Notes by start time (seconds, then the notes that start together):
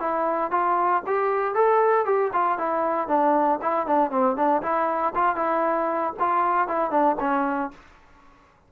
0.00 E4
0.51 F4
1.07 G4
1.55 A4
2.06 G4
2.33 F4
2.59 E4
3.08 D4
3.62 E4
3.87 D4
4.11 C4
4.36 D4
4.62 E4
5.15 F4
5.36 E4
6.20 F4
6.68 E4
6.91 D4
7.20 C#4